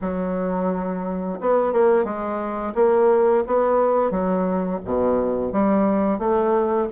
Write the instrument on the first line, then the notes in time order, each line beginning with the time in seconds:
bassoon
0.01 F#3
1.40 B3
1.72 A#3
2.04 G#3
2.75 A#3
3.46 B3
4.10 F#3
4.84 B2
5.52 G3
6.18 A3